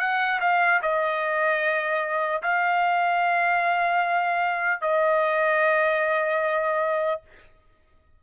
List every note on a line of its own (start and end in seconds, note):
0.00 0.40 F#5
0.41 0.81 F5
0.83 2.43 D#5
2.43 4.81 F5
4.81 7.21 D#5